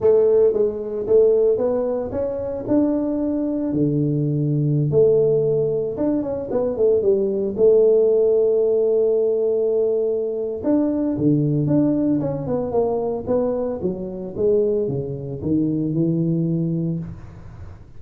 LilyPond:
\new Staff \with { instrumentName = "tuba" } { \time 4/4 \tempo 4 = 113 a4 gis4 a4 b4 | cis'4 d'2 d4~ | d4~ d16 a2 d'8 cis'16~ | cis'16 b8 a8 g4 a4.~ a16~ |
a1 | d'4 d4 d'4 cis'8 b8 | ais4 b4 fis4 gis4 | cis4 dis4 e2 | }